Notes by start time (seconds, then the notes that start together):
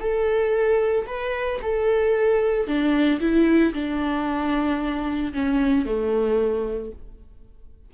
0.00 A4
1.07 B4
1.62 A4
2.67 D4
3.21 E4
3.74 D4
5.34 C#4
5.86 A3